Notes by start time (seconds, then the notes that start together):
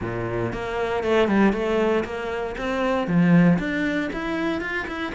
0.01 A#2
0.52 A#3
1.03 A3
1.28 G3
1.52 A3
2.04 A#3
2.57 C4
3.07 F3
3.58 D4
4.12 E4
4.61 F4
4.87 E4